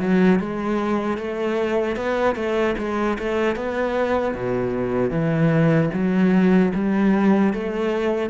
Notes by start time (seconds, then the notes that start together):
0.00 F#3
0.39 G#3
1.17 A3
1.96 B3
2.35 A3
2.78 G#3
3.19 A3
3.56 B3
4.35 B2
5.11 E3
5.94 F#3
6.74 G3
7.54 A3